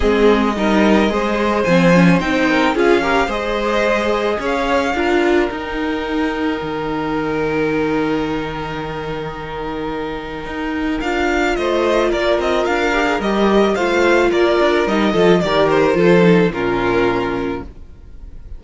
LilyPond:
<<
  \new Staff \with { instrumentName = "violin" } { \time 4/4 \tempo 4 = 109 dis''2. gis''4 | g''4 f''4 dis''2 | f''2 g''2~ | g''1~ |
g''1 | f''4 dis''4 d''8 dis''8 f''4 | dis''4 f''4 d''4 dis''4 | d''8 c''4. ais'2 | }
  \new Staff \with { instrumentName = "violin" } { \time 4/4 gis'4 ais'4 c''2~ | c''8 ais'8 gis'8 ais'8 c''2 | cis''4 ais'2.~ | ais'1~ |
ais'1~ | ais'4 c''4 ais'2~ | ais'4 c''4 ais'4. a'8 | ais'4 a'4 f'2 | }
  \new Staff \with { instrumentName = "viola" } { \time 4/4 c'4 dis'4 gis'4 c'8 cis'8 | dis'4 f'8 g'8 gis'2~ | gis'4 f'4 dis'2~ | dis'1~ |
dis'1 | f'2.~ f'8 g'16 gis'16 | g'4 f'2 dis'8 f'8 | g'4 f'8 dis'8 cis'2 | }
  \new Staff \with { instrumentName = "cello" } { \time 4/4 gis4 g4 gis4 f4 | c'4 cis'4 gis2 | cis'4 d'4 dis'2 | dis1~ |
dis2. dis'4 | d'4 a4 ais8 c'8 d'4 | g4 a4 ais8 d'8 g8 f8 | dis4 f4 ais,2 | }
>>